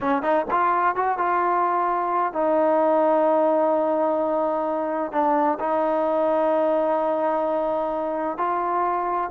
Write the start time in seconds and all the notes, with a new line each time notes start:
0.01 C#4
0.22 D#4
0.51 F4
0.95 F#4
1.17 F4
2.32 D#4
5.12 D4
5.59 D#4
8.37 F4